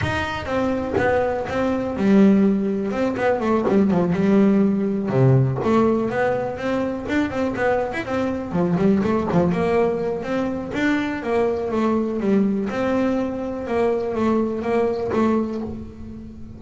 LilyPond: \new Staff \with { instrumentName = "double bass" } { \time 4/4 \tempo 4 = 123 dis'4 c'4 b4 c'4 | g2 c'8 b8 a8 g8 | f8 g2 c4 a8~ | a8 b4 c'4 d'8 c'8 b8~ |
b16 e'16 c'4 f8 g8 a8 f8 ais8~ | ais4 c'4 d'4 ais4 | a4 g4 c'2 | ais4 a4 ais4 a4 | }